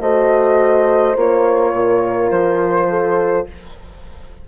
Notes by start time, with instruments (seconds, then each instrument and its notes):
0.00 bassoon A3, horn F#4 C5, flute D#5
1.16 bassoon A#3, horn F4, flute C#5
1.73 bassoon A#2, horn A#4
2.30 bassoon F3, flute C5
2.89 horn A4